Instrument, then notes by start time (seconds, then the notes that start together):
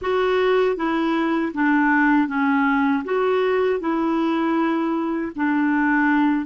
clarinet
0.01 F#4
0.76 E4
1.54 D4
2.27 C#4
3.04 F#4
3.80 E4
5.35 D4